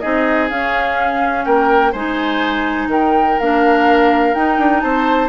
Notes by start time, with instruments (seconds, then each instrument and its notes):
0.00 bassoon C4, clarinet D#4, oboe G#4, flute D#5
0.50 clarinet C#4, bassoon C#4, flute F5
1.45 bassoon A#3, oboe A#4, flute G5
1.92 bassoon G#3, clarinet D#4, oboe C5, flute G#5
2.87 bassoon D#3, oboe A#4, flute G5
3.40 bassoon A#3, clarinet D4, flute F5
4.35 bassoon D#4, clarinet D#4, flute G5
4.58 bassoon D4
4.81 bassoon C4, oboe C5, flute A5